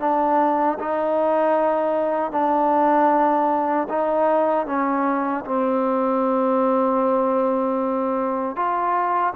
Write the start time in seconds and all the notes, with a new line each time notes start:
0.00 D4
0.79 D#4
2.32 D4
3.89 D#4
4.66 C#4
5.45 C4
8.56 F4